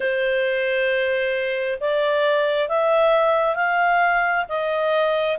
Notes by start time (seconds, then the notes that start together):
0.00 C5
1.80 D5
2.68 E5
3.55 F5
4.49 D#5